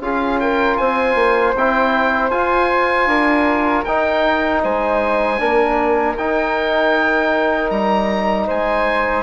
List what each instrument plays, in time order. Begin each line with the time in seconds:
0.00 bassoon C#4, trombone F4, flute G#4, oboe F5
0.40 flute A#4, oboe G5
0.77 bassoon C4, flute C5, oboe G#5
1.15 bassoon A#3
1.55 bassoon C4, trombone E4, oboe G5
2.31 bassoon F4, trombone F4, oboe G#5
3.06 bassoon D4, flute A#4
3.85 bassoon D#4, trombone D#4, oboe G5
4.63 bassoon G#3, flute C5, oboe G#5
5.39 bassoon A#3, trombone D4, flute A#4
6.17 bassoon D#4, trombone D#4, oboe G5
7.70 bassoon G3, oboe A#5
8.47 bassoon G#3, flute C5, oboe G#5